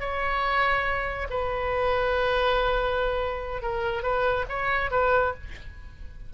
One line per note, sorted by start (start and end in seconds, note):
0.00 1.28 C#5
1.30 3.62 B4
3.62 4.03 A#4
4.03 4.45 B4
4.49 4.91 C#5
4.91 5.33 B4